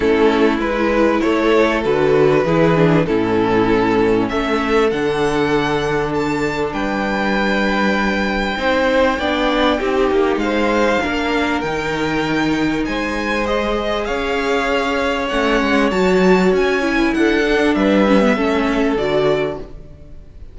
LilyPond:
<<
  \new Staff \with { instrumentName = "violin" } { \time 4/4 \tempo 4 = 98 a'4 b'4 cis''4 b'4~ | b'4 a'2 e''4 | fis''2 a''4 g''4~ | g''1~ |
g''4 f''2 g''4~ | g''4 gis''4 dis''4 f''4~ | f''4 fis''4 a''4 gis''4 | fis''4 e''2 d''4 | }
  \new Staff \with { instrumentName = "violin" } { \time 4/4 e'2 a'2 | gis'4 e'2 a'4~ | a'2. b'4~ | b'2 c''4 d''4 |
g'4 c''4 ais'2~ | ais'4 c''2 cis''4~ | cis''2.~ cis''8. b'16 | a'4 b'4 a'2 | }
  \new Staff \with { instrumentName = "viola" } { \time 4/4 cis'4 e'2 fis'4 | e'8 d'8 cis'2. | d'1~ | d'2 dis'4 d'4 |
dis'2 d'4 dis'4~ | dis'2 gis'2~ | gis'4 cis'4 fis'4. e'8~ | e'8 d'4 cis'16 b16 cis'4 fis'4 | }
  \new Staff \with { instrumentName = "cello" } { \time 4/4 a4 gis4 a4 d4 | e4 a,2 a4 | d2. g4~ | g2 c'4 b4 |
c'8 ais8 gis4 ais4 dis4~ | dis4 gis2 cis'4~ | cis'4 a8 gis8 fis4 cis'4 | d'4 g4 a4 d4 | }
>>